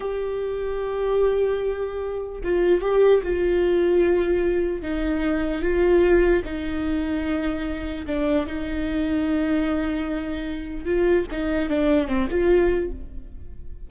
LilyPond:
\new Staff \with { instrumentName = "viola" } { \time 4/4 \tempo 4 = 149 g'1~ | g'2 f'4 g'4 | f'1 | dis'2 f'2 |
dis'1 | d'4 dis'2.~ | dis'2. f'4 | dis'4 d'4 c'8 f'4. | }